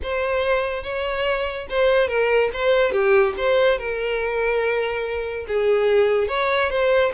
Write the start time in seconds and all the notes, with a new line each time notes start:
0.02 C5
0.83 C#5
1.69 C5
2.08 A#4
2.53 C5
2.92 G4
3.37 C5
3.78 A#4
5.47 G#4
6.28 C#5
6.70 C5